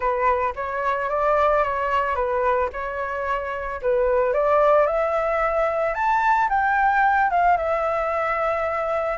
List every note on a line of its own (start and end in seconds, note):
0.00 0.53 B4
0.55 1.09 C#5
1.09 1.63 D5
1.63 2.15 C#5
2.15 2.69 B4
2.72 3.81 C#5
3.82 4.33 B4
4.33 4.86 D5
4.86 5.94 E5
5.94 6.48 A5
6.49 7.30 G5
7.30 7.57 F5
7.57 9.17 E5